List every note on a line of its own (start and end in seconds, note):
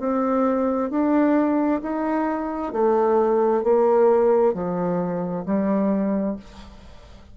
0.00 0.90 C4
0.90 1.81 D4
1.83 2.73 D#4
2.73 3.64 A3
3.64 4.54 A#3
4.54 5.45 F3
5.45 6.36 G3